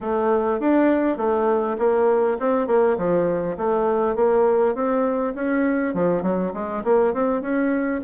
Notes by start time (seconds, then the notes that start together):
0.00 A3
0.60 D4
1.17 A3
1.78 A#3
2.39 C4
2.67 A#3
2.97 F3
3.57 A3
4.15 A#3
4.74 C4
5.34 C#4
5.94 F3
6.22 F#3
6.53 G#3
6.83 A#3
7.13 C4
7.41 C#4